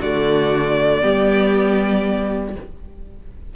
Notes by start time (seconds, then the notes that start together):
0.00 D3 A3 F#4 D5
1.01 G3 B3 G4